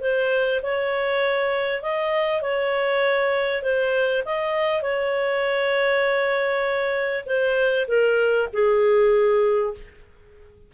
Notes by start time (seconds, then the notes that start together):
0.00 C5
0.62 C#5
1.82 D#5
2.41 C#5
3.62 C5
4.25 D#5
4.82 C#5
7.25 C5
7.87 A#4
8.52 G#4